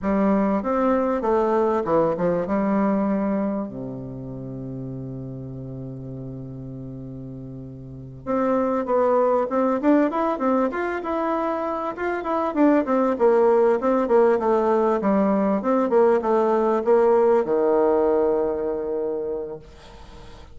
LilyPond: \new Staff \with { instrumentName = "bassoon" } { \time 4/4 \tempo 4 = 98 g4 c'4 a4 e8 f8 | g2 c2~ | c1~ | c4. c'4 b4 c'8 |
d'8 e'8 c'8 f'8 e'4. f'8 | e'8 d'8 c'8 ais4 c'8 ais8 a8~ | a8 g4 c'8 ais8 a4 ais8~ | ais8 dis2.~ dis8 | }